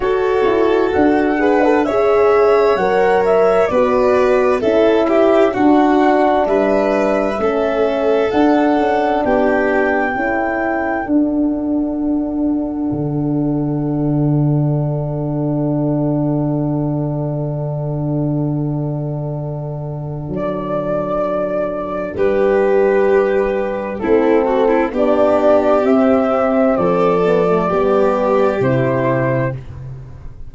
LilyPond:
<<
  \new Staff \with { instrumentName = "flute" } { \time 4/4 \tempo 4 = 65 cis''4 fis''4 e''4 fis''8 e''8 | d''4 e''4 fis''4 e''4~ | e''4 fis''4 g''2 | fis''1~ |
fis''1~ | fis''2 d''2 | b'2 a'4 d''4 | e''4 d''2 c''4 | }
  \new Staff \with { instrumentName = "violin" } { \time 4/4 a'4. b'8 cis''2 | b'4 a'8 g'8 fis'4 b'4 | a'2 g'4 a'4~ | a'1~ |
a'1~ | a'1 | g'2 e'8 fis'16 e'16 g'4~ | g'4 a'4 g'2 | }
  \new Staff \with { instrumentName = "horn" } { \time 4/4 fis'4. gis'16 a'16 gis'4 ais'4 | fis'4 e'4 d'2 | cis'4 d'2 e'4 | d'1~ |
d'1~ | d'1~ | d'2 c'4 d'4 | c'4. b16 a16 b4 e'4 | }
  \new Staff \with { instrumentName = "tuba" } { \time 4/4 fis'8 e'8 d'4 cis'4 fis4 | b4 cis'4 d'4 g4 | a4 d'8 cis'8 b4 cis'4 | d'2 d2~ |
d1~ | d2 fis2 | g2 a4 b4 | c'4 f4 g4 c4 | }
>>